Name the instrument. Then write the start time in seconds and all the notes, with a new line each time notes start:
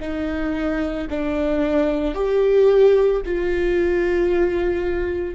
viola
0.00 D#4
1.10 D4
2.14 G4
3.25 F4